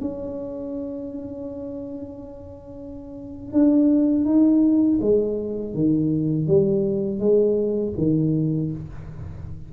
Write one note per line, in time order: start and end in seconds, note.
0.00 3.52 C#4
3.52 4.25 D4
4.25 4.99 D#4
5.01 5.74 G#3
5.74 6.47 D#3
6.47 7.19 G3
7.19 7.93 G#3
7.97 8.71 D#3